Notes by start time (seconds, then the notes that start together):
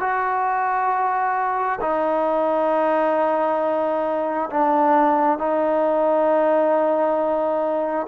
0.00 F#4
1.81 D#4
4.50 D4
5.38 D#4